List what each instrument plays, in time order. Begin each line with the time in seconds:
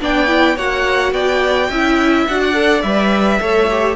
0.00 cello B3, viola D4, violin D5 G5
0.27 viola E4
0.56 cello A#3, viola F#4, violin C#5 F#5
1.12 cello B3, violin D5 G5
1.69 cello C#4, viola E4, violin E5
2.27 cello D4, viola F#4, violin F#5
2.40 violin D5
2.53 viola A4
2.82 cello G3, viola B4, violin E5
3.39 cello A3, viola A4, violin C#5
3.70 viola G4